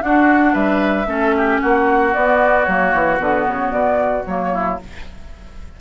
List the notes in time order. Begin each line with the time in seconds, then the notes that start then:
0.00 D4 F#4 F#5
0.53 G3 B4 E5
1.06 A3 C#4 A4
1.37 G4
1.61 A#3 F#4 F#5
2.14 B3 D5
2.64 F#3 A#3 C#5
2.94 E3
3.18 D3 B3 B4
3.47 C#3 C#5
3.71 B2 D5
4.26 F#3 A#3 C#5
4.53 E4